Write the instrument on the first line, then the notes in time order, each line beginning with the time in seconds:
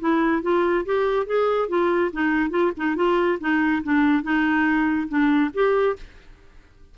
clarinet
0.00 E4
0.42 F4
0.86 G4
1.26 G#4
1.69 F4
2.13 D#4
2.50 F4
2.77 D#4
2.96 F4
3.40 D#4
3.84 D4
4.23 D#4
5.09 D4
5.54 G4